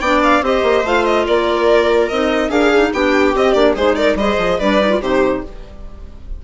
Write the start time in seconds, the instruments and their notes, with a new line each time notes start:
0.00 bassoon B3, clarinet D4, viola D5, violin G5
0.23 violin F5
0.41 bassoon C4, clarinet G4, viola C5, violin D#5
0.62 bassoon A#3
0.84 bassoon A3, clarinet F4, violin F5
1.05 violin D#5
1.26 bassoon A#3, viola A#4, violin D5
2.09 bassoon C4, clarinet D#4, violin D#5
2.49 bassoon D4, viola G#4, clarinet A#4, violin F5
2.74 clarinet D#4
2.93 bassoon B3, clarinet D4, viola G4, violin G5
3.33 clarinet C4, bassoon C4, violin D#5
3.53 bassoon A#3, clarinet D4, violin D5
3.75 bassoon G#3, clarinet D#4, viola G#4, violin C5
3.95 viola A#4, violin D5
4.15 bassoon G3, clarinet G#4, viola C5, violin D#5
4.37 bassoon F3
4.58 bassoon G3, clarinet D4, viola B4, violin D5
4.79 clarinet D#4
4.89 clarinet F4
5.00 bassoon C3, clarinet D#4, viola G4, violin C5